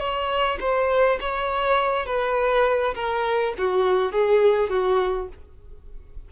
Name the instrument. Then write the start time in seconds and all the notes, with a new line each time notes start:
violin
0.00 C#5
0.61 C5
1.21 C#5
2.07 B4
2.95 A#4
3.58 F#4
4.13 G#4
4.70 F#4